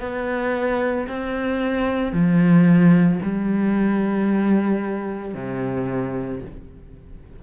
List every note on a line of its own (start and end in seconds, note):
0.00 1.07 B3
1.08 2.13 C4
2.13 3.20 F3
3.23 5.35 G3
5.35 6.42 C3